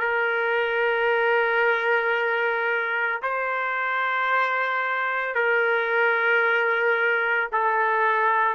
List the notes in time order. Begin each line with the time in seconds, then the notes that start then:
0.00 A#4
3.23 C5
5.35 A#4
7.52 A4